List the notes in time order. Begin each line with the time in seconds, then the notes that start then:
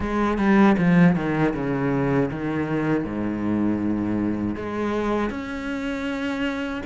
0.00 G#3
0.38 G3
0.78 F3
1.15 D#3
1.54 C#3
2.31 D#3
3.04 G#2
4.55 G#3
5.30 C#4